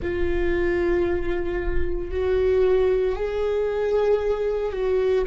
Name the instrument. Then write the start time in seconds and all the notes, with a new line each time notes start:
viola
0.01 F4
2.11 F#4
3.15 G#4
4.72 F#4